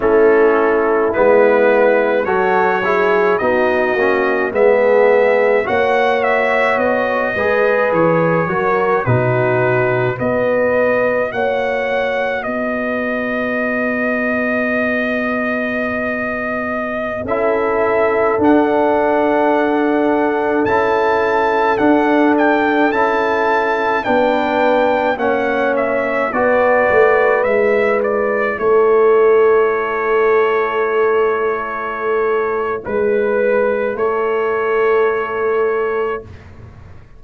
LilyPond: <<
  \new Staff \with { instrumentName = "trumpet" } { \time 4/4 \tempo 4 = 53 a'4 b'4 cis''4 dis''4 | e''4 fis''8 e''8 dis''4 cis''4 | b'4 dis''4 fis''4 dis''4~ | dis''2.~ dis''16 e''8.~ |
e''16 fis''2 a''4 fis''8 g''16~ | g''16 a''4 g''4 fis''8 e''8 d''8.~ | d''16 e''8 d''8 cis''2~ cis''8.~ | cis''4 b'4 cis''2 | }
  \new Staff \with { instrumentName = "horn" } { \time 4/4 e'2 a'8 gis'8 fis'4 | gis'4 cis''4. b'4 ais'8 | fis'4 b'4 cis''4 b'4~ | b'2.~ b'16 a'8.~ |
a'1~ | a'4~ a'16 b'4 cis''4 b'8.~ | b'4~ b'16 a'2~ a'8.~ | a'4 b'4 a'2 | }
  \new Staff \with { instrumentName = "trombone" } { \time 4/4 cis'4 b4 fis'8 e'8 dis'8 cis'8 | b4 fis'4. gis'4 fis'8 | dis'4 fis'2.~ | fis'2.~ fis'16 e'8.~ |
e'16 d'2 e'4 d'8.~ | d'16 e'4 d'4 cis'4 fis'8.~ | fis'16 e'2.~ e'8.~ | e'1 | }
  \new Staff \with { instrumentName = "tuba" } { \time 4/4 a4 gis4 fis4 b8 ais8 | gis4 ais4 b8 gis8 e8 fis8 | b,4 b4 ais4 b4~ | b2.~ b16 cis'8.~ |
cis'16 d'2 cis'4 d'8.~ | d'16 cis'4 b4 ais4 b8 a16~ | a16 gis4 a2~ a8.~ | a4 gis4 a2 | }
>>